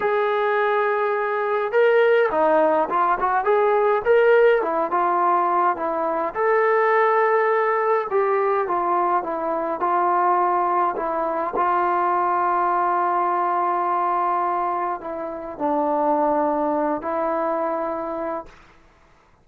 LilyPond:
\new Staff \with { instrumentName = "trombone" } { \time 4/4 \tempo 4 = 104 gis'2. ais'4 | dis'4 f'8 fis'8 gis'4 ais'4 | e'8 f'4. e'4 a'4~ | a'2 g'4 f'4 |
e'4 f'2 e'4 | f'1~ | f'2 e'4 d'4~ | d'4. e'2~ e'8 | }